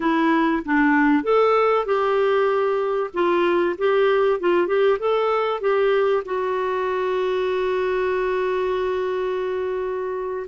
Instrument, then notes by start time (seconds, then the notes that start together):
clarinet
0.00 E4
0.65 D4
1.23 A4
1.85 G4
3.13 F4
3.78 G4
4.40 F4
4.67 G4
4.99 A4
5.61 G4
6.25 F#4